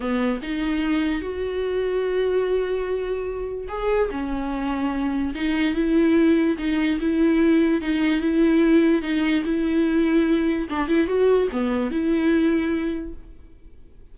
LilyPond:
\new Staff \with { instrumentName = "viola" } { \time 4/4 \tempo 4 = 146 b4 dis'2 fis'4~ | fis'1~ | fis'4 gis'4 cis'2~ | cis'4 dis'4 e'2 |
dis'4 e'2 dis'4 | e'2 dis'4 e'4~ | e'2 d'8 e'8 fis'4 | b4 e'2. | }